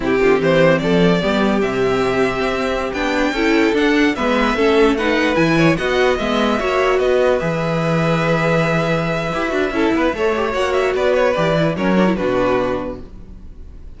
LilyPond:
<<
  \new Staff \with { instrumentName = "violin" } { \time 4/4 \tempo 4 = 148 g'4 c''4 d''2 | e''2.~ e''16 g''8.~ | g''4~ g''16 fis''4 e''4.~ e''16~ | e''16 fis''4 gis''4 fis''4 e''8.~ |
e''4~ e''16 dis''4 e''4.~ e''16~ | e''1~ | e''2 fis''8 e''8 d''8 cis''8 | d''4 cis''4 b'2 | }
  \new Staff \with { instrumentName = "violin" } { \time 4/4 e'8 f'8 g'4 a'4 g'4~ | g'1~ | g'16 a'2 b'4 a'8.~ | a'16 b'4. cis''8 dis''4.~ dis''16~ |
dis''16 cis''4 b'2~ b'8.~ | b'1 | a'8 b'8 cis''2 b'4~ | b'4 ais'4 fis'2 | }
  \new Staff \with { instrumentName = "viola" } { \time 4/4 c'2. b4 | c'2.~ c'16 d'8.~ | d'16 e'4 d'4 b4 cis'8.~ | cis'16 dis'4 e'4 fis'4 b8.~ |
b16 fis'2 gis'4.~ gis'16~ | gis'2. g'8 fis'8 | e'4 a'8 g'8 fis'2 | g'8 e'8 cis'8 d'16 e'16 d'2 | }
  \new Staff \with { instrumentName = "cello" } { \time 4/4 c8 d8 e4 f4 g4 | c2 c'4~ c'16 b8.~ | b16 cis'4 d'4 gis4 a8.~ | a4~ a16 e4 b4 gis8.~ |
gis16 ais4 b4 e4.~ e16~ | e2. e'8 d'8 | cis'8 b8 a4 ais4 b4 | e4 fis4 b,2 | }
>>